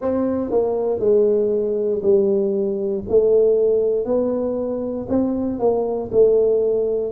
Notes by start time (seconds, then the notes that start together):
0.01 C4
0.50 A#3
0.99 G#3
2.02 G3
3.08 A3
4.04 B3
5.08 C4
5.59 A#3
6.11 A3